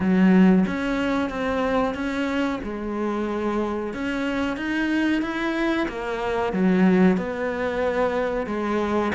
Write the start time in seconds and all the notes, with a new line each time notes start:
0.00 F#3
0.66 C#4
1.29 C4
1.94 C#4
2.63 G#3
3.93 C#4
4.56 D#4
5.22 E4
5.88 A#3
6.52 F#3
7.17 B3
8.46 G#3